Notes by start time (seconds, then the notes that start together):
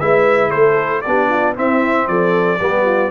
0.00 G#3 E4 B4 E5
0.50 A3 A4 C5
1.02 B3 D4 D5
1.08 G4
1.29 F4
1.56 C4 E4 E5
2.08 F3 A4 D5
2.60 G3 B3 G4
2.85 F4